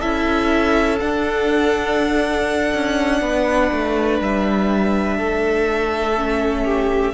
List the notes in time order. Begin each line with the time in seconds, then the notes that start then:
0.00 C#4 E4 A4 E5
0.99 D4 F#5
2.75 C#4
3.22 B3 B4
3.72 A3
4.20 G3 E5
5.17 A3 A4
6.17 C#4
6.65 G4